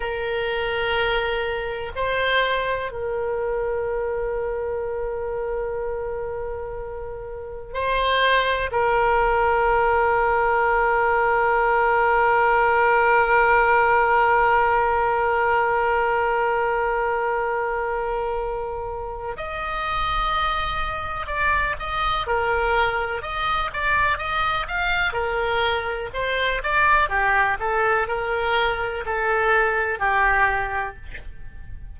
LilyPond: \new Staff \with { instrumentName = "oboe" } { \time 4/4 \tempo 4 = 62 ais'2 c''4 ais'4~ | ais'1 | c''4 ais'2.~ | ais'1~ |
ais'1 | dis''2 d''8 dis''8 ais'4 | dis''8 d''8 dis''8 f''8 ais'4 c''8 d''8 | g'8 a'8 ais'4 a'4 g'4 | }